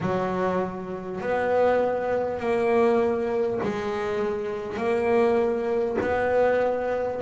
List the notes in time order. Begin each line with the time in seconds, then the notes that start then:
0.00 F#3
1.20 B3
2.39 A#3
3.63 G#3
4.77 A#3
6.01 B3